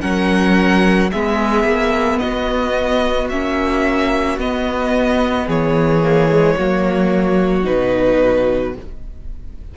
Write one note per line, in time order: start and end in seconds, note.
0.00 1.12 F#3
0.00 1.09 C#4
0.00 1.10 A#4
0.00 1.10 F#5
1.11 1.64 G#3
1.11 3.30 B3
1.11 2.20 G#4
1.11 2.18 E5
1.64 2.18 A#3
2.18 3.32 B3
2.18 5.46 F#4
2.18 3.27 D#5
3.29 4.37 A#3
3.29 4.39 C#4
3.29 4.38 E5
4.37 5.46 B3
4.37 6.03 B3
4.37 5.49 D#5
5.46 6.57 E3
5.46 6.55 G#4
5.46 7.65 C#5
6.03 6.30 A#3
6.30 6.57 G#3
6.56 7.67 F#3
6.56 7.63 A#3
6.56 8.74 F#4
7.63 8.76 B2
7.63 8.72 D#4
7.63 8.74 B4